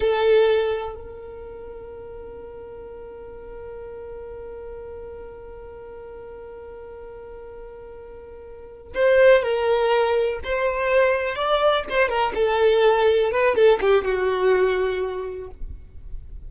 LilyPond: \new Staff \with { instrumentName = "violin" } { \time 4/4 \tempo 4 = 124 a'2 ais'2~ | ais'1~ | ais'1~ | ais'1~ |
ais'2~ ais'8 c''4 ais'8~ | ais'4. c''2 d''8~ | d''8 c''8 ais'8 a'2 b'8 | a'8 g'8 fis'2. | }